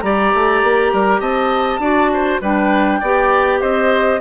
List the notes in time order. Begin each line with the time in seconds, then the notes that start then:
0.00 G3 G4 D5 A#5
0.34 A3
0.62 A#3
0.92 G3 A#4
1.20 C4 D#5 A5
1.78 D4 F#4 D5
2.13 C5
2.41 G3 D4 B4 G5
3.00 B3 G4 D5
3.60 C4 C5 D#5